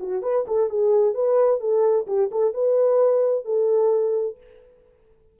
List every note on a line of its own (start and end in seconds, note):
0.00 0.23 F#4
0.23 0.46 B4
0.48 0.70 A4
0.70 1.15 G#4
1.15 1.60 B4
1.60 2.07 A4
2.07 2.31 G4
2.32 2.54 A4
2.54 3.45 B4
3.45 4.38 A4